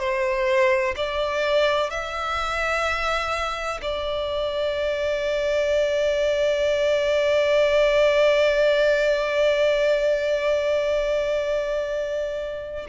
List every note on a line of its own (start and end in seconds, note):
0.00 0.95 C5
0.97 1.91 D5
1.91 3.81 E5
3.82 12.87 D5